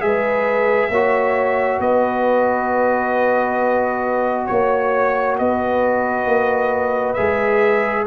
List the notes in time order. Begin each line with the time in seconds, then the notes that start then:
0.00 G#3 G#4 B4 E5
0.89 A#3 F#4 C#5
1.79 B3 B4 D#5
4.46 A#3 C#5
5.38 B3 B4 D#5
6.25 A#3
7.14 G#3 G#4 E5